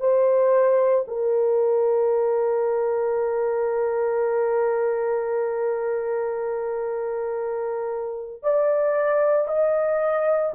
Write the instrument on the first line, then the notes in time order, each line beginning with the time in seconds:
horn
0.00 C5
1.08 A#4
8.43 D5
9.48 D#5